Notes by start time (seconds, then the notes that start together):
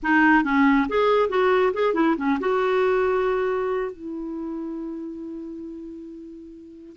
0.02 D#4
0.43 C#4
0.89 G#4
1.29 F#4
1.73 G#4
1.94 E4
2.17 C#4
2.40 F#4
3.92 E4